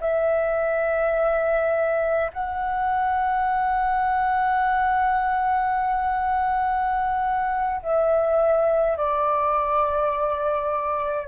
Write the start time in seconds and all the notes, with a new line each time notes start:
0.00 E5
2.33 F#5
7.82 E5
8.97 D5